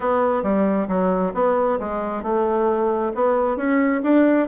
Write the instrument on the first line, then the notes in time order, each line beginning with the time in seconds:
bassoon
0.00 B3
0.43 G3
0.88 F#3
1.34 B3
1.79 G#3
2.22 A3
3.14 B3
3.56 C#4
4.03 D4